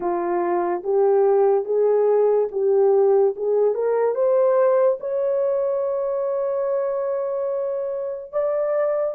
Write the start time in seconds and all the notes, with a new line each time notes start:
0.00 F4
0.83 G4
1.64 G#4
2.51 G4
3.36 G#4
3.74 A#4
4.14 C5
5.00 C#5
8.31 D5